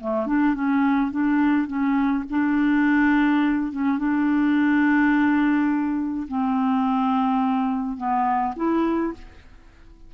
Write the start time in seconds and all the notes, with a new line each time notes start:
0.00 A3
0.26 D4
0.54 C#4
1.11 D4
1.67 C#4
2.30 D4
3.72 C#4
3.98 D4
6.28 C4
7.97 B3
8.56 E4